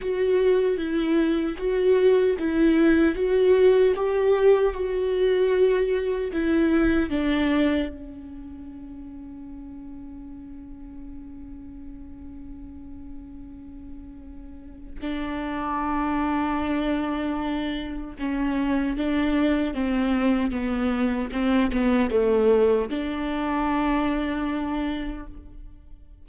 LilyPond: \new Staff \with { instrumentName = "viola" } { \time 4/4 \tempo 4 = 76 fis'4 e'4 fis'4 e'4 | fis'4 g'4 fis'2 | e'4 d'4 cis'2~ | cis'1~ |
cis'2. d'4~ | d'2. cis'4 | d'4 c'4 b4 c'8 b8 | a4 d'2. | }